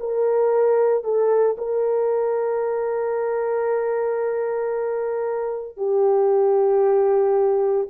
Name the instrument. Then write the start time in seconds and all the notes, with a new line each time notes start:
horn
0.00 A#4
1.04 A4
1.58 A#4
5.78 G4